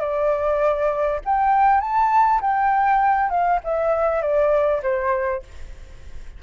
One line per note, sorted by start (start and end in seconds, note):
0.00 1.20 D5
1.25 1.80 G5
1.80 2.40 A5
2.41 3.29 G5
3.29 3.59 F5
3.64 4.21 E5
4.21 4.81 D5
4.82 5.42 C5